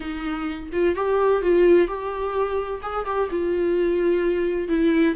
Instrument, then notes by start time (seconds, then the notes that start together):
viola
0.00 D#4
0.72 F4
0.95 G4
1.42 F4
1.87 G4
2.82 G#4
3.05 G4
3.30 F4
4.68 E4